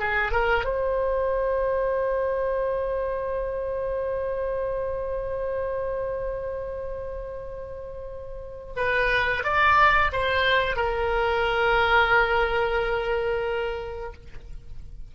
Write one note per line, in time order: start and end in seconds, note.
0.00 0.32 G#4
0.32 0.65 A#4
0.65 8.74 C5
8.77 9.44 B4
9.44 10.12 D5
10.13 10.77 C5
10.77 14.14 A#4